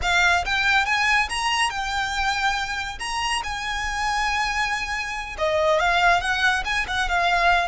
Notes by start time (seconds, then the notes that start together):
0.01 F5
0.45 G5
0.85 G#5
1.29 A#5
1.70 G5
2.99 A#5
3.43 G#5
5.37 D#5
5.79 F5
6.20 F#5
6.64 G#5
6.87 F#5
7.09 F5